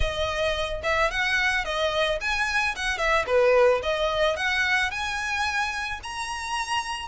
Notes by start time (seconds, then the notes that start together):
0.00 D#5
0.83 E5
1.11 F#5
1.64 D#5
2.20 G#5
2.75 F#5
2.98 E5
3.26 B4
3.82 D#5
4.36 F#5
4.91 G#5
6.03 A#5